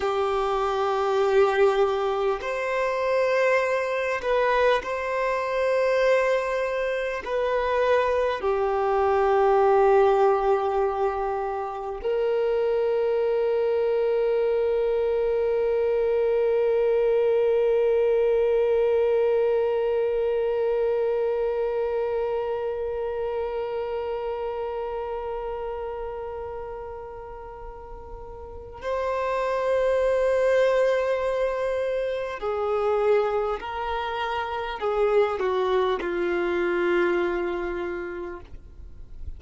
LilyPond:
\new Staff \with { instrumentName = "violin" } { \time 4/4 \tempo 4 = 50 g'2 c''4. b'8 | c''2 b'4 g'4~ | g'2 ais'2~ | ais'1~ |
ais'1~ | ais'1 | c''2. gis'4 | ais'4 gis'8 fis'8 f'2 | }